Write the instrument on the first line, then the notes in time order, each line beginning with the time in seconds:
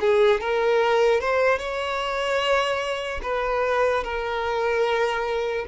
violin
0.00 G#4
0.41 A#4
1.21 C5
1.58 C#5
3.22 B4
4.04 A#4